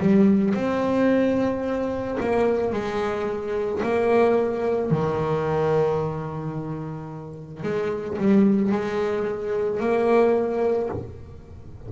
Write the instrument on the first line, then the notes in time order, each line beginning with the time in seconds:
double bass
0.00 G3
0.54 C4
2.20 A#3
2.72 G#3
3.83 A#3
4.90 D#3
7.63 G#3
8.18 G3
8.72 G#3
9.80 A#3